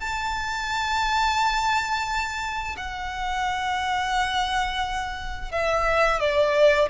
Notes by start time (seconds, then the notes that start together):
0.00 A5
2.77 F#5
5.51 E5
6.20 D5